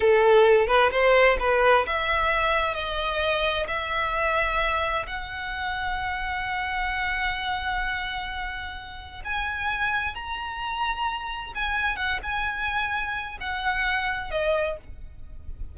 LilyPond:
\new Staff \with { instrumentName = "violin" } { \time 4/4 \tempo 4 = 130 a'4. b'8 c''4 b'4 | e''2 dis''2 | e''2. fis''4~ | fis''1~ |
fis''1 | gis''2 ais''2~ | ais''4 gis''4 fis''8 gis''4.~ | gis''4 fis''2 dis''4 | }